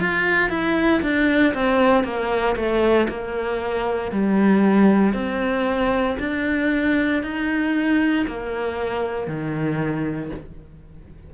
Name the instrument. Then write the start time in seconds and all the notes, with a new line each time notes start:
cello
0.00 F4
0.50 E4
1.02 D4
1.54 C4
2.04 A#3
2.56 A3
3.09 A#3
4.12 G3
5.14 C4
6.19 D4
7.23 D#4
8.28 A#3
9.28 D#3